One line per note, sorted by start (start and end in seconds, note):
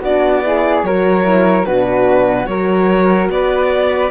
0.00 0.83 B3
0.00 0.43 D4
0.00 0.41 F#4
0.00 0.85 D5
0.43 0.84 E4
0.43 0.87 G#4
0.83 1.65 F#3
0.83 1.24 F#4
0.83 1.66 A#4
0.83 1.65 C#5
1.24 1.65 E4
1.65 2.47 B2
1.65 2.49 D4
1.65 2.48 F#4
1.65 2.46 B4
2.46 3.29 F#3
2.46 4.11 F#4
2.46 3.32 A#4
2.46 3.28 C#5
3.29 4.11 B3
3.29 4.11 B4
3.29 4.11 D5